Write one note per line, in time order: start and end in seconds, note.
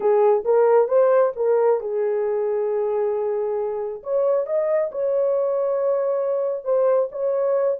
0.00 0.43 G#4
0.44 0.88 A#4
0.88 1.32 C5
1.36 1.80 A#4
1.80 4.02 G#4
4.03 4.46 C#5
4.46 4.90 D#5
4.91 6.64 C#5
6.64 7.09 C5
7.11 7.78 C#5